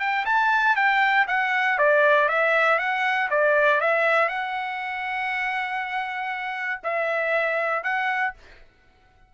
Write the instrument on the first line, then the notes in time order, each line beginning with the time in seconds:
trumpet
0.00 G5
0.26 A5
0.76 G5
1.28 F#5
1.78 D5
2.29 E5
2.79 F#5
3.30 D5
3.81 E5
4.29 F#5
6.84 E5
7.84 F#5